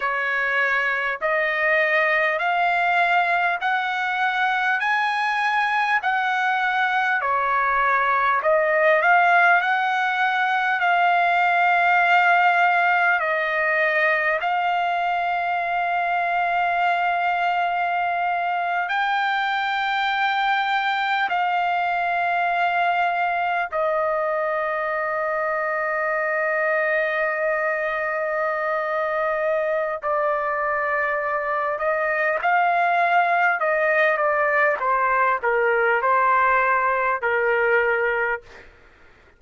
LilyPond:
\new Staff \with { instrumentName = "trumpet" } { \time 4/4 \tempo 4 = 50 cis''4 dis''4 f''4 fis''4 | gis''4 fis''4 cis''4 dis''8 f''8 | fis''4 f''2 dis''4 | f''2.~ f''8. g''16~ |
g''4.~ g''16 f''2 dis''16~ | dis''1~ | dis''4 d''4. dis''8 f''4 | dis''8 d''8 c''8 ais'8 c''4 ais'4 | }